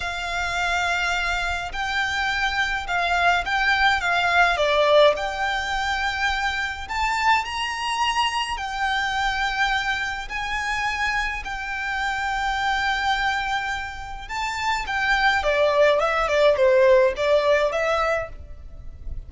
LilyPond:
\new Staff \with { instrumentName = "violin" } { \time 4/4 \tempo 4 = 105 f''2. g''4~ | g''4 f''4 g''4 f''4 | d''4 g''2. | a''4 ais''2 g''4~ |
g''2 gis''2 | g''1~ | g''4 a''4 g''4 d''4 | e''8 d''8 c''4 d''4 e''4 | }